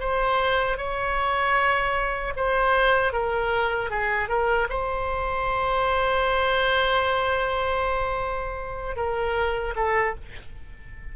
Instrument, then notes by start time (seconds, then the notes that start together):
oboe
0.00 C5
0.78 C#5
2.37 C5
3.13 A#4
3.91 G#4
4.29 A#4
4.70 C5
8.96 A#4
9.76 A4